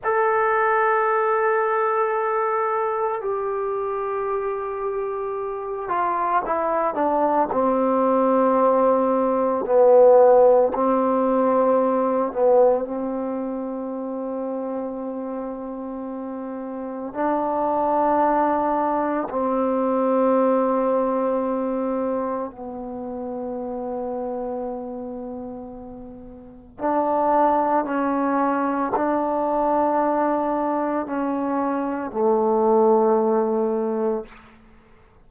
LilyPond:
\new Staff \with { instrumentName = "trombone" } { \time 4/4 \tempo 4 = 56 a'2. g'4~ | g'4. f'8 e'8 d'8 c'4~ | c'4 b4 c'4. b8 | c'1 |
d'2 c'2~ | c'4 b2.~ | b4 d'4 cis'4 d'4~ | d'4 cis'4 a2 | }